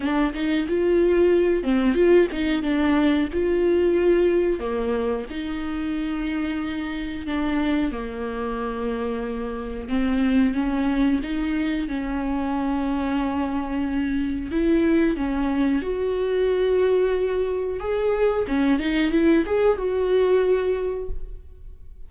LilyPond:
\new Staff \with { instrumentName = "viola" } { \time 4/4 \tempo 4 = 91 d'8 dis'8 f'4. c'8 f'8 dis'8 | d'4 f'2 ais4 | dis'2. d'4 | ais2. c'4 |
cis'4 dis'4 cis'2~ | cis'2 e'4 cis'4 | fis'2. gis'4 | cis'8 dis'8 e'8 gis'8 fis'2 | }